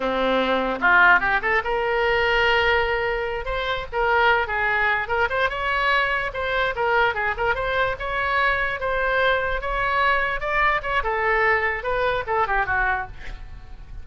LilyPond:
\new Staff \with { instrumentName = "oboe" } { \time 4/4 \tempo 4 = 147 c'2 f'4 g'8 a'8 | ais'1~ | ais'8 c''4 ais'4. gis'4~ | gis'8 ais'8 c''8 cis''2 c''8~ |
c''8 ais'4 gis'8 ais'8 c''4 cis''8~ | cis''4. c''2 cis''8~ | cis''4. d''4 cis''8 a'4~ | a'4 b'4 a'8 g'8 fis'4 | }